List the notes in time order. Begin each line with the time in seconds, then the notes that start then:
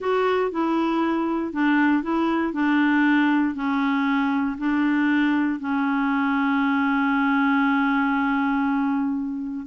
0.00 F#4
0.51 E4
1.53 D4
2.02 E4
2.53 D4
3.55 C#4
4.58 D4
5.59 C#4